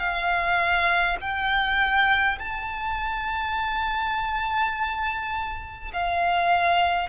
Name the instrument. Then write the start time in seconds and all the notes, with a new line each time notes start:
violin
0.00 F5
1.21 G5
2.39 A5
5.94 F5